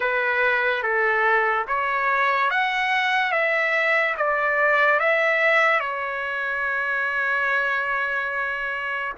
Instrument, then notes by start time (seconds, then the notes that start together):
trumpet
0.00 B4
0.82 A4
1.67 C#5
2.50 F#5
3.31 E5
4.17 D5
4.99 E5
5.80 C#5